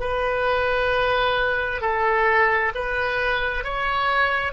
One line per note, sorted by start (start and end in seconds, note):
0.00 1.81 B4
1.81 2.72 A4
2.75 3.64 B4
3.64 4.52 C#5